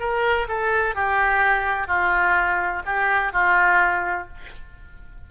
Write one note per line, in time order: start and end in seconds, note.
0.00 0.48 A#4
0.48 0.95 A4
0.95 1.87 G4
1.87 2.83 F4
2.86 3.33 G4
3.33 4.28 F4